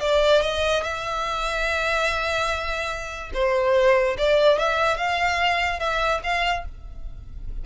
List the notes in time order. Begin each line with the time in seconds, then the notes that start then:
0.00 D5
0.42 D#5
0.83 E5
3.34 C5
4.17 D5
4.58 E5
4.97 F5
5.79 E5
6.23 F5